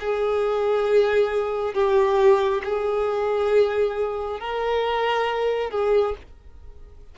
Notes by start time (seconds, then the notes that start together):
0.00 G#4
1.74 G4
2.64 G#4
4.40 A#4
5.71 G#4